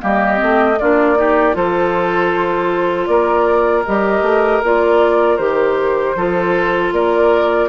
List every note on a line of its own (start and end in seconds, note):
0.00 0.41 G3
0.00 0.36 A#3
0.00 0.79 G4
0.00 0.78 D#5
0.36 0.80 A3
0.36 0.75 C4
0.78 1.55 A#3
0.78 1.15 D4
0.78 1.18 F4
0.78 1.55 D5
1.15 1.53 D#4
1.15 1.55 G4
1.53 3.07 F3
1.53 3.83 F4
1.53 3.09 A4
1.53 3.06 C5
3.06 3.84 A#3
3.06 6.16 A#4
3.06 3.83 D5
3.85 4.21 G3
3.85 4.63 G4
3.85 4.62 D#5
4.21 4.60 A3
4.63 5.38 A#3
4.63 5.38 F4
4.63 5.37 D5
5.37 6.15 D#3
5.37 6.15 G4
5.37 6.90 C5
6.15 6.92 F3
6.15 7.68 F4
6.15 6.93 A4
6.92 7.68 A#3
6.92 7.68 A#4
6.92 7.68 D5